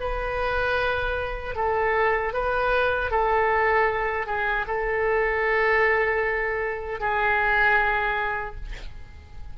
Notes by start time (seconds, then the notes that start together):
0.00 B4
1.55 A4
2.33 B4
3.10 A4
4.26 G#4
4.67 A4
7.00 G#4